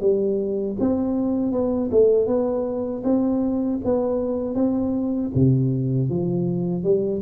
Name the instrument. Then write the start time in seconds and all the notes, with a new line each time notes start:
tuba
0.00 G3
0.79 C4
1.52 B3
1.91 A3
2.27 B3
3.03 C4
3.84 B3
4.55 C4
5.34 C3
6.09 F3
6.83 G3